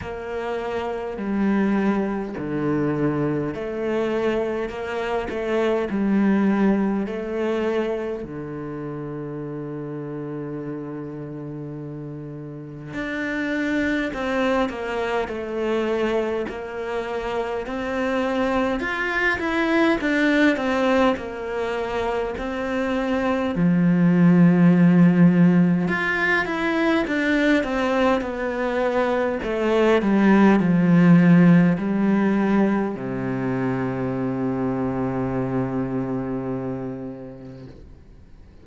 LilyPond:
\new Staff \with { instrumentName = "cello" } { \time 4/4 \tempo 4 = 51 ais4 g4 d4 a4 | ais8 a8 g4 a4 d4~ | d2. d'4 | c'8 ais8 a4 ais4 c'4 |
f'8 e'8 d'8 c'8 ais4 c'4 | f2 f'8 e'8 d'8 c'8 | b4 a8 g8 f4 g4 | c1 | }